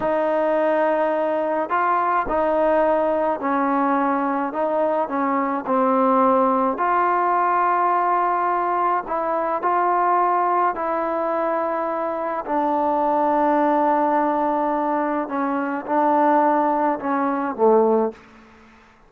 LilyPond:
\new Staff \with { instrumentName = "trombone" } { \time 4/4 \tempo 4 = 106 dis'2. f'4 | dis'2 cis'2 | dis'4 cis'4 c'2 | f'1 |
e'4 f'2 e'4~ | e'2 d'2~ | d'2. cis'4 | d'2 cis'4 a4 | }